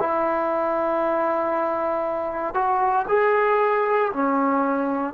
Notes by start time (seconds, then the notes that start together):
0.00 E4
2.54 F#4
3.08 G#4
4.13 C#4